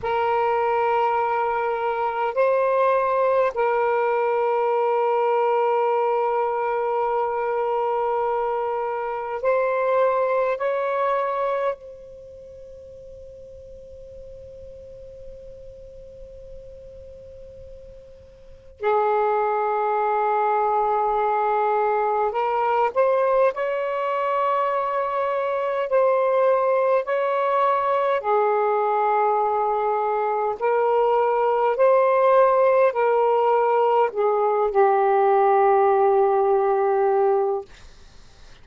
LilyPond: \new Staff \with { instrumentName = "saxophone" } { \time 4/4 \tempo 4 = 51 ais'2 c''4 ais'4~ | ais'1 | c''4 cis''4 c''2~ | c''1 |
gis'2. ais'8 c''8 | cis''2 c''4 cis''4 | gis'2 ais'4 c''4 | ais'4 gis'8 g'2~ g'8 | }